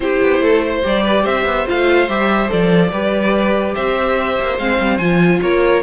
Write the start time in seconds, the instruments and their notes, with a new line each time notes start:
0.00 cello C4, viola E4, violin G4 C5
0.22 cello B3
0.40 cello A3, violin A4
0.64 violin C5
0.83 cello G3, viola G4, violin D5
1.02 violin B4
1.22 cello C4, violin C5 E5
1.44 cello B3
1.66 cello A3, viola F4, violin F5
2.08 cello G3, viola G4, violin E5
2.48 cello F3, viola A4, violin D5
2.91 cello G3, viola G4, violin B4
3.74 cello C4, violin C5 E5
4.40 cello A#3
4.57 cello G#3, viola C4, violin F5
4.79 cello G3
4.98 cello F3, viola F4, violin G#5
5.41 cello A#3, violin A#4 C#5